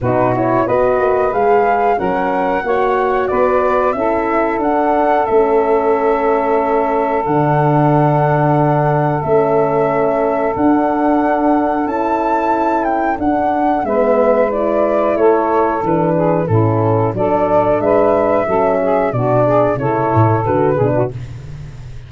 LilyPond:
<<
  \new Staff \with { instrumentName = "flute" } { \time 4/4 \tempo 4 = 91 b'8 cis''8 dis''4 f''4 fis''4~ | fis''4 d''4 e''4 fis''4 | e''2. fis''4~ | fis''2 e''2 |
fis''2 a''4. g''8 | fis''4 e''4 d''4 cis''4 | b'4 a'4 d''4 e''4~ | e''4 d''4 cis''4 b'4 | }
  \new Staff \with { instrumentName = "saxophone" } { \time 4/4 fis'4 b'2 ais'4 | cis''4 b'4 a'2~ | a'1~ | a'1~ |
a'1~ | a'4 b'2 a'4~ | a'8 gis'8 e'4 a'4 b'4 | a'8 gis'8 fis'8 gis'8 a'4. gis'16 fis'16 | }
  \new Staff \with { instrumentName = "horn" } { \time 4/4 dis'8 e'8 fis'4 gis'4 cis'4 | fis'2 e'4 d'4 | cis'2. d'4~ | d'2 cis'2 |
d'2 e'2 | d'4 b4 e'2 | d'4 cis'4 d'2 | cis'4 d'4 e'4 fis'8 d'8 | }
  \new Staff \with { instrumentName = "tuba" } { \time 4/4 b,4 b8 ais8 gis4 fis4 | ais4 b4 cis'4 d'4 | a2. d4~ | d2 a2 |
d'2 cis'2 | d'4 gis2 a4 | e4 a,4 fis4 gis4 | fis4 b,4 cis8 a,8 d8 b,8 | }
>>